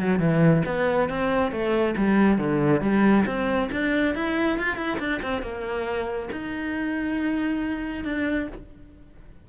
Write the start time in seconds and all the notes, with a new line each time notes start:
0.00 F#3
0.20 E3
0.66 B3
1.10 C4
1.52 A3
1.97 G3
2.39 D3
2.82 G3
3.26 C4
3.72 D4
4.15 E4
4.59 F4
4.77 E4
5.00 D4
5.23 C4
5.43 A#3
6.32 D#4
8.05 D4